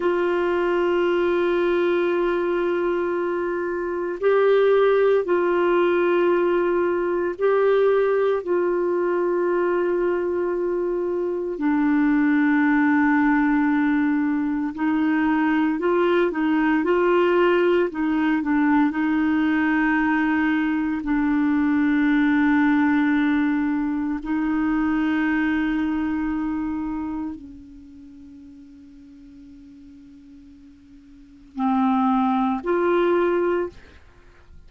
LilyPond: \new Staff \with { instrumentName = "clarinet" } { \time 4/4 \tempo 4 = 57 f'1 | g'4 f'2 g'4 | f'2. d'4~ | d'2 dis'4 f'8 dis'8 |
f'4 dis'8 d'8 dis'2 | d'2. dis'4~ | dis'2 cis'2~ | cis'2 c'4 f'4 | }